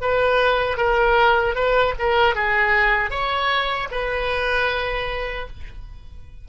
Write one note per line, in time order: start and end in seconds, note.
0.00 0.77 B4
0.77 1.55 A#4
1.55 1.94 B4
1.98 2.34 A#4
2.34 3.10 G#4
3.10 3.88 C#5
3.91 5.47 B4